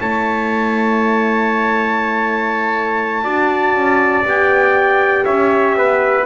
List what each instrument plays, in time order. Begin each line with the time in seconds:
0.00 double bass A3, horn E4, trumpet C#5 A5
3.24 double bass D4, horn F#4, trumpet D5
3.75 double bass C#4
4.25 double bass B3, horn G4, trumpet G5
5.26 double bass C#4, trumpet C#5 E5
5.77 double bass B3, trumpet B4